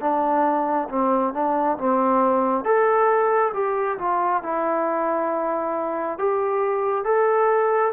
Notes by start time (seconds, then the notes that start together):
0.00 D4
0.89 C4
1.33 D4
1.78 C4
2.64 A4
3.53 G4
3.98 F4
4.42 E4
6.18 G4
7.04 A4